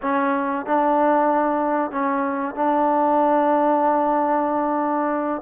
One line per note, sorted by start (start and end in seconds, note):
0.02 0.66 C#4
0.66 1.91 D4
1.91 2.55 C#4
2.55 5.42 D4